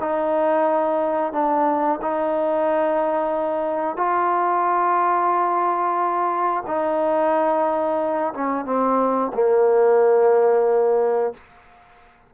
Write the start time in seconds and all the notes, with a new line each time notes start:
0.00 D#4
1.32 D4
2.02 D#4
3.96 F4
6.66 D#4
8.34 C#4
8.65 C4
9.33 A#3